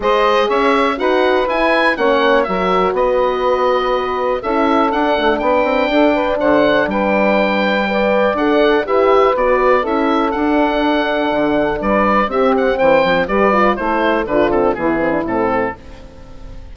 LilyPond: <<
  \new Staff \with { instrumentName = "oboe" } { \time 4/4 \tempo 4 = 122 dis''4 e''4 fis''4 gis''4 | fis''4 e''4 dis''2~ | dis''4 e''4 fis''4 g''4~ | g''4 fis''4 g''2~ |
g''4 fis''4 e''4 d''4 | e''4 fis''2. | d''4 e''8 fis''8 g''4 d''4 | c''4 b'8 a'8 gis'4 a'4 | }
  \new Staff \with { instrumentName = "saxophone" } { \time 4/4 c''4 cis''4 b'2 | cis''4 ais'4 b'2~ | b'4 a'2 b'4 | a'8 b'8 c''4 b'2 |
d''2 b'2 | a'1 | b'4 g'4 c''4 b'4 | a'4 f'4 e'2 | }
  \new Staff \with { instrumentName = "horn" } { \time 4/4 gis'2 fis'4 e'4 | cis'4 fis'2.~ | fis'4 e'4 d'2~ | d'1 |
b'4 a'4 g'4 fis'4 | e'4 d'2.~ | d'4 c'2 g'8 f'8 | e'4 d'8 c'8 b8 c'16 d'16 c'4 | }
  \new Staff \with { instrumentName = "bassoon" } { \time 4/4 gis4 cis'4 dis'4 e'4 | ais4 fis4 b2~ | b4 cis'4 d'8 a8 b8 c'8 | d'4 d4 g2~ |
g4 d'4 e'4 b4 | cis'4 d'2 d4 | g4 c'4 e8 f8 g4 | a4 d4 e4 a,4 | }
>>